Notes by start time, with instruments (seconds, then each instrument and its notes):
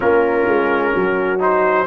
0.00 tuba A#3, trombone C#4, horn F4, trumpet A#4
0.46 tuba G#3
0.94 tuba F#3, horn F#4
1.39 trombone D#4, trumpet C5